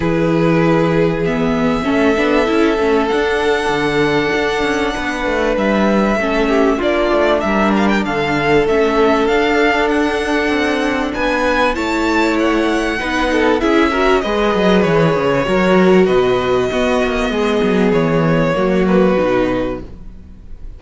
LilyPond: <<
  \new Staff \with { instrumentName = "violin" } { \time 4/4 \tempo 4 = 97 b'2 e''2~ | e''4 fis''2.~ | fis''4 e''2 d''4 | e''8 f''16 g''16 f''4 e''4 f''4 |
fis''2 gis''4 a''4 | fis''2 e''4 dis''4 | cis''2 dis''2~ | dis''4 cis''4. b'4. | }
  \new Staff \with { instrumentName = "violin" } { \time 4/4 gis'2. a'4~ | a'1 | b'2 a'8 g'8 f'4 | ais'4 a'2.~ |
a'2 b'4 cis''4~ | cis''4 b'8 a'8 gis'8 ais'8 b'4~ | b'4 ais'4 b'4 fis'4 | gis'2 fis'2 | }
  \new Staff \with { instrumentName = "viola" } { \time 4/4 e'2 b4 cis'8 d'8 | e'8 cis'8 d'2.~ | d'2 cis'4 d'4~ | d'2 cis'4 d'4~ |
d'2. e'4~ | e'4 dis'4 e'8 fis'8 gis'4~ | gis'4 fis'2 b4~ | b2 ais4 dis'4 | }
  \new Staff \with { instrumentName = "cello" } { \time 4/4 e2. a8 b8 | cis'8 a8 d'4 d4 d'8 cis'8 | b8 a8 g4 a4 ais8 a8 | g4 d4 a4 d'4~ |
d'4 c'4 b4 a4~ | a4 b4 cis'4 gis8 fis8 | e8 cis8 fis4 b,4 b8 ais8 | gis8 fis8 e4 fis4 b,4 | }
>>